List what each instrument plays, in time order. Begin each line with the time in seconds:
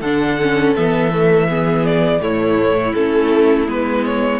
0.00 cello D3, viola D4, violin A4 F#5
0.41 viola C#4
0.75 cello E3, viola B3, violin E5
1.10 viola A3
1.49 viola B3, violin G#4
1.85 violin D5
2.19 cello A2, viola A3, violin E4 C#5
2.94 cello A3, viola C#4, violin A4
3.67 cello G#3, viola B3, violin B4
4.05 violin C#5